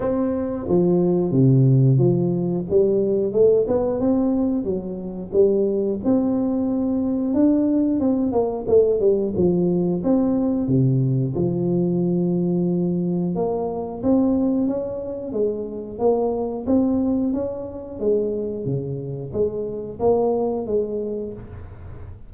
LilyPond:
\new Staff \with { instrumentName = "tuba" } { \time 4/4 \tempo 4 = 90 c'4 f4 c4 f4 | g4 a8 b8 c'4 fis4 | g4 c'2 d'4 | c'8 ais8 a8 g8 f4 c'4 |
c4 f2. | ais4 c'4 cis'4 gis4 | ais4 c'4 cis'4 gis4 | cis4 gis4 ais4 gis4 | }